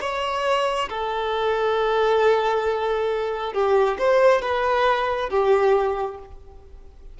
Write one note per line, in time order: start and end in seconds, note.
0.00 0.88 C#5
0.89 3.53 A4
3.53 3.97 G4
3.98 4.41 C5
4.41 5.29 B4
5.29 6.18 G4